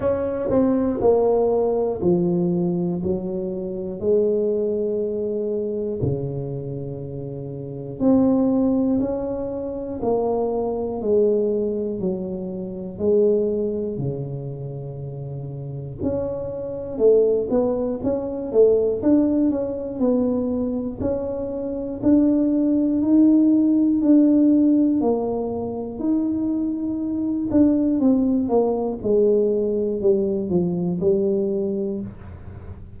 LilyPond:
\new Staff \with { instrumentName = "tuba" } { \time 4/4 \tempo 4 = 60 cis'8 c'8 ais4 f4 fis4 | gis2 cis2 | c'4 cis'4 ais4 gis4 | fis4 gis4 cis2 |
cis'4 a8 b8 cis'8 a8 d'8 cis'8 | b4 cis'4 d'4 dis'4 | d'4 ais4 dis'4. d'8 | c'8 ais8 gis4 g8 f8 g4 | }